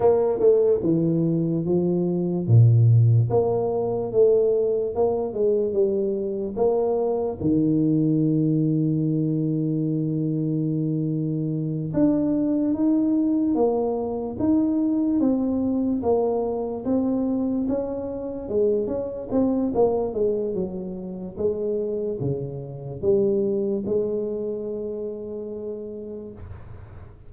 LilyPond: \new Staff \with { instrumentName = "tuba" } { \time 4/4 \tempo 4 = 73 ais8 a8 e4 f4 ais,4 | ais4 a4 ais8 gis8 g4 | ais4 dis2.~ | dis2~ dis8 d'4 dis'8~ |
dis'8 ais4 dis'4 c'4 ais8~ | ais8 c'4 cis'4 gis8 cis'8 c'8 | ais8 gis8 fis4 gis4 cis4 | g4 gis2. | }